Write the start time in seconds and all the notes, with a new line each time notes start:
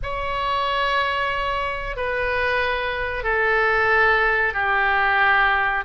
0.03 C#5
1.96 B4
3.23 A4
4.53 G4